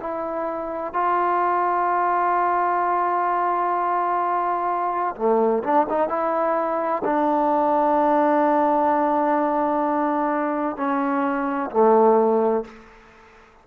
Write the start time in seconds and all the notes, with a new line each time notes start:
0.00 E4
0.94 F4
5.16 A3
5.63 D4
5.90 D#4
6.09 E4
7.04 D4
10.77 C#4
11.71 A3